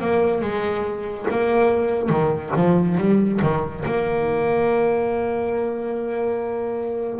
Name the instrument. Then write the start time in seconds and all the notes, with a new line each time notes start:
double bass
0.00 A#3
0.41 G#3
1.30 A#3
2.09 D#3
2.55 F3
2.97 G3
3.41 D#3
3.85 A#3